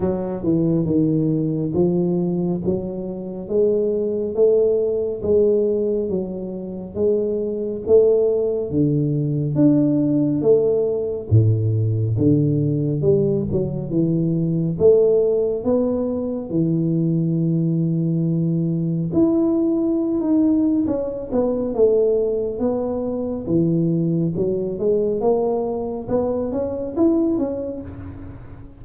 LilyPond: \new Staff \with { instrumentName = "tuba" } { \time 4/4 \tempo 4 = 69 fis8 e8 dis4 f4 fis4 | gis4 a4 gis4 fis4 | gis4 a4 d4 d'4 | a4 a,4 d4 g8 fis8 |
e4 a4 b4 e4~ | e2 e'4~ e'16 dis'8. | cis'8 b8 a4 b4 e4 | fis8 gis8 ais4 b8 cis'8 e'8 cis'8 | }